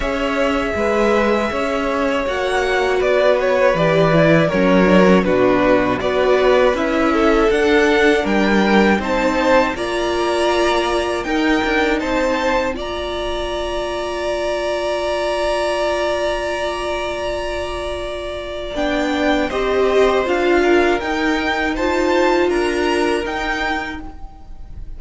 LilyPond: <<
  \new Staff \with { instrumentName = "violin" } { \time 4/4 \tempo 4 = 80 e''2. fis''4 | d''8 cis''8 d''4 cis''4 b'4 | d''4 e''4 fis''4 g''4 | a''4 ais''2 g''4 |
a''4 ais''2.~ | ais''1~ | ais''4 g''4 dis''4 f''4 | g''4 a''4 ais''4 g''4 | }
  \new Staff \with { instrumentName = "violin" } { \time 4/4 cis''4 b'4 cis''2 | b'2 ais'4 fis'4 | b'4. a'4. ais'4 | c''4 d''2 ais'4 |
c''4 d''2.~ | d''1~ | d''2 c''4. ais'8~ | ais'4 c''4 ais'2 | }
  \new Staff \with { instrumentName = "viola" } { \time 4/4 gis'2. fis'4~ | fis'4 g'8 e'8 cis'8 d'16 cis'16 d'4 | fis'4 e'4 d'2 | dis'4 f'2 dis'4~ |
dis'4 f'2.~ | f'1~ | f'4 d'4 g'4 f'4 | dis'4 f'2 dis'4 | }
  \new Staff \with { instrumentName = "cello" } { \time 4/4 cis'4 gis4 cis'4 ais4 | b4 e4 fis4 b,4 | b4 cis'4 d'4 g4 | c'4 ais2 dis'8 d'8 |
c'4 ais2.~ | ais1~ | ais4 b4 c'4 d'4 | dis'2 d'4 dis'4 | }
>>